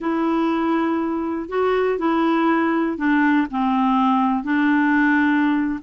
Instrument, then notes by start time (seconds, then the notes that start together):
clarinet
0.00 E4
1.49 F#4
1.98 E4
2.97 D4
3.50 C4
4.43 D4